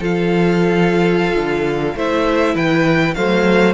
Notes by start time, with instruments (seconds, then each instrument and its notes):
0.00 cello F3, viola F4, violin A4 F5
1.35 cello D3
1.95 cello A3, viola E4, violin C5 E5
2.55 cello E3, violin B4 G5
3.15 cello F#3, viola A3, violin C5 F5